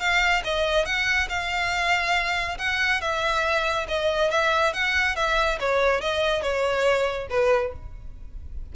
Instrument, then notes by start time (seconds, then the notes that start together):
violin
0.00 F5
0.44 D#5
0.86 F#5
1.29 F5
2.58 F#5
3.01 E5
3.88 D#5
4.31 E5
4.74 F#5
5.16 E5
5.60 C#5
6.01 D#5
6.42 C#5
7.30 B4